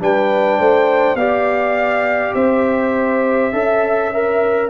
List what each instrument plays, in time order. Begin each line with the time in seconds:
0.00 tuba G3, trombone D4, horn B4, trumpet G5
0.59 tuba A3, horn C5
1.15 tuba B3, trombone G4, horn D5, trumpet F5
2.35 tuba C4, horn C5, trumpet E5
3.53 tuba C#4, trombone A4, horn E5
4.14 trombone A#4